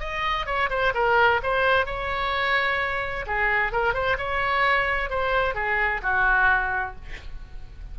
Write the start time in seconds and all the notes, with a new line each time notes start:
0.00 D#5
0.46 C#5
0.70 C5
0.95 A#4
1.43 C5
1.86 C#5
3.27 G#4
3.72 A#4
3.94 C5
4.18 C#5
5.10 C5
5.55 G#4
6.03 F#4